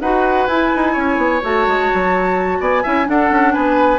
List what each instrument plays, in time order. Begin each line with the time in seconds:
0.00 bassoon D#4, clarinet F#4, oboe B4, flute F#5
0.47 bassoon E4, clarinet E4, flute G#5
0.76 bassoon D#4
0.93 bassoon C#4, oboe C#5
1.17 bassoon B3
1.42 bassoon A3, clarinet F#4, flute A5
1.67 bassoon G#3
1.93 bassoon F#3
2.60 bassoon B3, oboe D5, flute G#5
2.82 bassoon C#4, clarinet E4, oboe E5
3.05 clarinet D4, bassoon D4, oboe A4, flute F#5
3.30 bassoon C#4
3.53 bassoon B3, oboe B4, flute G#5